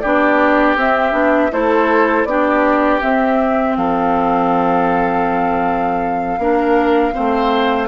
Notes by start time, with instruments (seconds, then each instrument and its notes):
0.00 bassoon B3, clarinet D4, oboe G4, flute D5
0.76 bassoon C4, clarinet C4, flute E5
1.12 bassoon B3, clarinet D4
1.52 bassoon A3, clarinet E4, oboe A4, flute C5
2.25 bassoon B3, clarinet D4, oboe G4, flute D5
3.01 clarinet C4, bassoon C4, flute E5
3.77 bassoon F3, oboe A4, flute F5
6.38 bassoon A#3, clarinet D4, oboe A#4
7.13 bassoon A3, clarinet C4, oboe C5